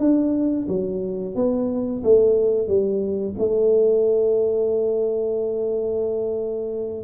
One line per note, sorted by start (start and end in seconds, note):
0.00 0.67 D4
0.68 1.35 F#3
1.35 2.03 B3
2.04 2.68 A3
2.68 3.35 G3
3.39 7.04 A3